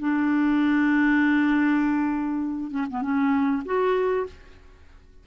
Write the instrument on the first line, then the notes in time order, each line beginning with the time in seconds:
clarinet
0.00 D4
2.71 C#4
2.90 B3
3.02 C#4
3.66 F#4